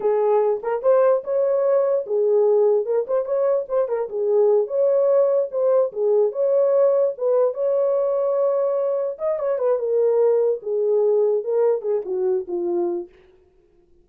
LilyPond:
\new Staff \with { instrumentName = "horn" } { \time 4/4 \tempo 4 = 147 gis'4. ais'8 c''4 cis''4~ | cis''4 gis'2 ais'8 c''8 | cis''4 c''8 ais'8 gis'4. cis''8~ | cis''4. c''4 gis'4 cis''8~ |
cis''4. b'4 cis''4.~ | cis''2~ cis''8 dis''8 cis''8 b'8 | ais'2 gis'2 | ais'4 gis'8 fis'4 f'4. | }